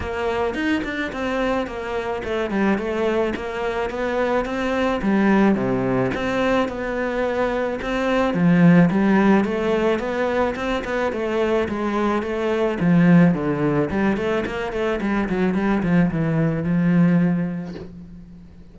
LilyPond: \new Staff \with { instrumentName = "cello" } { \time 4/4 \tempo 4 = 108 ais4 dis'8 d'8 c'4 ais4 | a8 g8 a4 ais4 b4 | c'4 g4 c4 c'4 | b2 c'4 f4 |
g4 a4 b4 c'8 b8 | a4 gis4 a4 f4 | d4 g8 a8 ais8 a8 g8 fis8 | g8 f8 e4 f2 | }